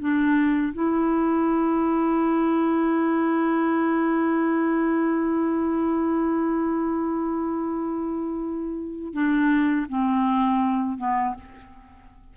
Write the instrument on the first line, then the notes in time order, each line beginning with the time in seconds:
clarinet
0.00 D4
0.74 E4
9.14 D4
9.89 C4
10.98 B3